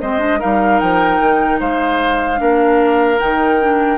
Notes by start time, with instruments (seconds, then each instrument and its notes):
0.00 bassoon G#3, clarinet C4, oboe C5, flute D#5
0.19 clarinet D4
0.39 bassoon G3, clarinet D#4, oboe A#4, flute F5
0.79 bassoon F3, flute G5
1.19 bassoon D#3
1.59 bassoon G#3, oboe C5, flute F5
2.37 bassoon A#3, clarinet D4, oboe A#4
3.19 bassoon D#3, clarinet D#4, flute G5
3.61 clarinet D4